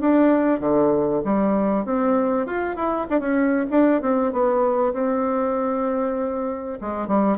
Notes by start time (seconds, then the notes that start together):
0.00 D4
0.60 D3
1.24 G3
1.85 C4
2.46 F4
2.76 E4
3.10 D4
3.19 C#4
3.70 D4
4.01 C4
4.32 B3
4.93 C4
6.80 G#3
7.07 G3